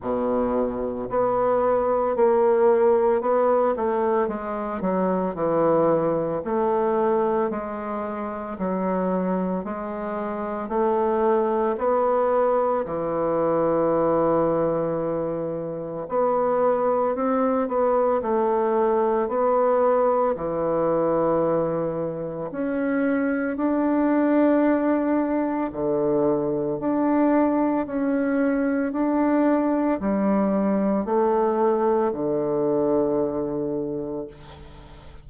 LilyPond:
\new Staff \with { instrumentName = "bassoon" } { \time 4/4 \tempo 4 = 56 b,4 b4 ais4 b8 a8 | gis8 fis8 e4 a4 gis4 | fis4 gis4 a4 b4 | e2. b4 |
c'8 b8 a4 b4 e4~ | e4 cis'4 d'2 | d4 d'4 cis'4 d'4 | g4 a4 d2 | }